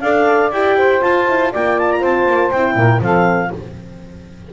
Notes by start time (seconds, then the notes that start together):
0.00 D4 A4 D5 F5
0.51 E4 G4 G5
0.77 C5
1.00 F4 A5
1.28 E4
1.51 A#3 F4 D5 G5
1.78 A5
1.91 A#5
1.99 C4 C5 A5
2.26 A#3
2.50 C4 E4 G5
2.75 A#2 A#4
3.00 F3 C4 A4 F5